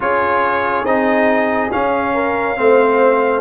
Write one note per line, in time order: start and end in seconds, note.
0.00 0.83 C#4
0.00 0.85 F4
0.00 2.14 G#4
0.00 0.85 C#5
0.83 1.69 C4
0.83 1.70 D#4
0.83 1.70 D#5
1.70 2.56 C#4
1.70 2.58 C#4
1.70 3.41 F5
2.14 2.57 A#4
2.56 3.41 A3
2.56 3.41 C4
2.56 3.41 C5